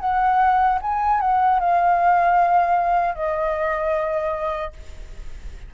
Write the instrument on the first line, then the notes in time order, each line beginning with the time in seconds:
flute
0.00 F#5
0.82 G#5
1.20 F#5
1.59 F5
3.15 D#5